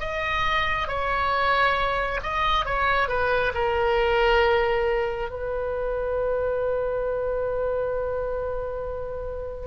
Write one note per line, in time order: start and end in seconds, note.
0.00 0.88 D#5
0.88 2.21 C#5
2.23 2.66 D#5
2.66 3.09 C#5
3.09 3.53 B4
3.55 5.30 A#4
5.30 9.67 B4